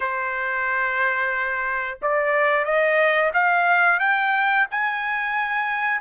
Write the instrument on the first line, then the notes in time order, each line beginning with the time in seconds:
trumpet
0.00 C5
2.02 D5
2.64 D#5
3.33 F5
3.99 G5
4.70 G#5